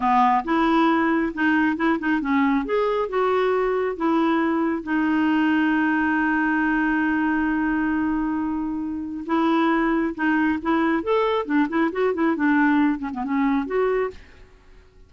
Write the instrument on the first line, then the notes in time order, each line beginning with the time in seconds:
clarinet
0.00 B3
0.44 E4
1.34 D#4
1.76 E4
1.99 D#4
2.21 C#4
2.65 G#4
3.09 F#4
3.96 E4
4.83 D#4
9.26 E4
10.15 D#4
10.62 E4
11.03 A4
11.45 D4
11.69 E4
11.92 F#4
12.13 E4
12.35 D4
12.98 C#4
13.13 B3
13.24 C#4
13.66 F#4